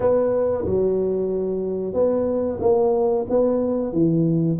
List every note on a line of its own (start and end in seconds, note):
0.00 0.65 B3
0.65 1.93 F#3
1.93 2.58 B3
2.60 3.25 A#3
3.29 3.92 B3
3.92 4.58 E3